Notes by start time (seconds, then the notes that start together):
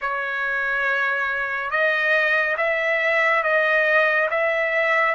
0.01 C#5
1.70 D#5
2.57 E5
3.43 D#5
4.30 E5